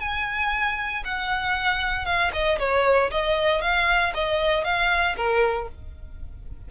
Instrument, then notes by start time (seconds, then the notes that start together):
violin
0.00 G#5
1.05 F#5
2.05 F5
2.33 D#5
2.59 C#5
3.11 D#5
3.62 F5
4.14 D#5
4.64 F5
5.17 A#4